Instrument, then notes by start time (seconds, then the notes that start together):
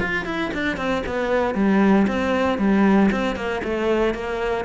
cello
0.00 F4
0.25 E4
0.54 D4
0.77 C4
1.06 B3
1.55 G3
2.07 C4
2.58 G3
3.12 C4
3.36 A#3
3.64 A3
4.14 A#3